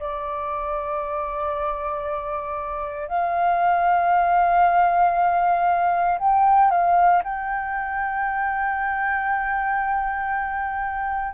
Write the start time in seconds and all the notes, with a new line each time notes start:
0.00 D5
3.08 F5
6.19 G5
6.71 F5
7.24 G5